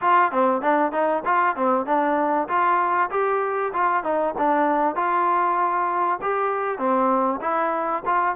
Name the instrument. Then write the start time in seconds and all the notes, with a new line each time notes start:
trombone
0.01 F4
0.31 C4
0.61 D4
0.92 D#4
1.25 F4
1.55 C4
1.86 D4
2.48 F4
3.10 G4
3.73 F4
4.03 D#4
4.38 D4
4.95 F4
6.21 G4
6.78 C4
7.41 E4
8.05 F4